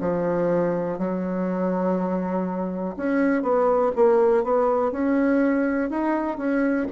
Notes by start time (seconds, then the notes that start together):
0.00 F3
0.98 F#3
2.96 C#4
3.42 B3
3.95 A#3
4.43 B3
4.91 C#4
5.90 D#4
6.37 C#4